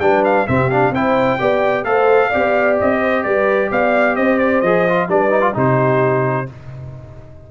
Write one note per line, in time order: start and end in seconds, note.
0.00 0.46 G3
0.00 0.48 D4
0.00 0.47 B4
0.00 0.23 G5
0.25 0.48 F5
0.47 0.91 C3
0.47 0.71 C4
0.47 0.94 G4
0.47 0.70 E5
0.70 0.94 D4
0.70 0.93 F5
0.91 1.37 C4
0.91 1.39 E4
0.91 1.39 C5
0.91 1.85 G5
1.39 1.84 B3
1.39 1.85 G4
1.39 1.85 D5
1.84 2.30 A3
1.84 2.31 A4
1.84 2.29 C5
1.84 2.77 F5
2.29 2.81 B3
2.29 4.64 G4
2.29 2.98 D5
2.81 3.25 C4
2.81 3.24 D#5
3.01 3.24 C5
3.24 3.71 G3
3.24 3.71 B4
3.24 3.70 D5
3.71 4.17 B3
3.71 4.17 D5
3.71 4.16 F5
4.16 4.62 C4
4.16 5.09 C5
4.16 4.39 D#5
4.39 4.61 D5
4.61 5.08 F3
4.61 4.88 G#4
4.61 5.07 D#5
4.89 5.09 F4
5.08 5.54 G3
5.08 5.30 D4
5.08 5.55 B4
5.08 5.56 D5
5.30 5.41 D#4
5.41 5.53 F4
5.54 6.49 C3
5.54 6.46 D#4
5.54 6.48 G4
5.54 6.51 C5